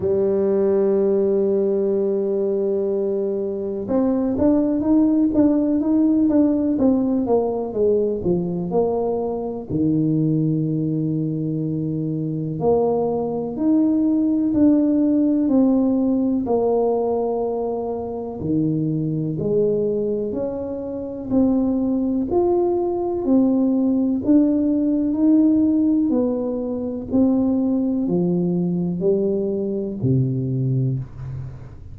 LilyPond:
\new Staff \with { instrumentName = "tuba" } { \time 4/4 \tempo 4 = 62 g1 | c'8 d'8 dis'8 d'8 dis'8 d'8 c'8 ais8 | gis8 f8 ais4 dis2~ | dis4 ais4 dis'4 d'4 |
c'4 ais2 dis4 | gis4 cis'4 c'4 f'4 | c'4 d'4 dis'4 b4 | c'4 f4 g4 c4 | }